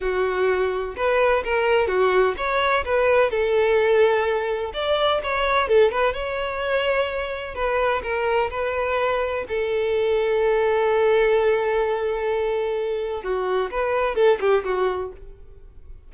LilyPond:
\new Staff \with { instrumentName = "violin" } { \time 4/4 \tempo 4 = 127 fis'2 b'4 ais'4 | fis'4 cis''4 b'4 a'4~ | a'2 d''4 cis''4 | a'8 b'8 cis''2. |
b'4 ais'4 b'2 | a'1~ | a'1 | fis'4 b'4 a'8 g'8 fis'4 | }